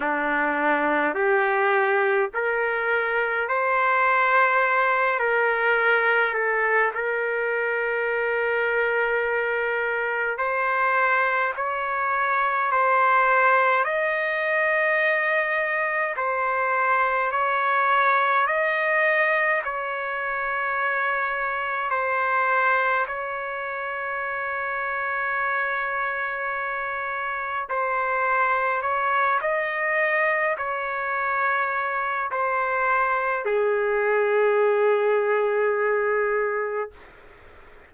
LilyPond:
\new Staff \with { instrumentName = "trumpet" } { \time 4/4 \tempo 4 = 52 d'4 g'4 ais'4 c''4~ | c''8 ais'4 a'8 ais'2~ | ais'4 c''4 cis''4 c''4 | dis''2 c''4 cis''4 |
dis''4 cis''2 c''4 | cis''1 | c''4 cis''8 dis''4 cis''4. | c''4 gis'2. | }